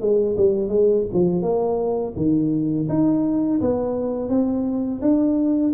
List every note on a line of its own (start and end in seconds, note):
0.00 0.36 G#3
0.37 0.68 G3
0.68 1.04 G#3
1.13 1.42 F3
1.42 2.13 A#3
2.16 2.87 D#3
2.89 3.60 D#4
3.60 4.29 B3
4.29 5.00 C4
5.01 5.73 D4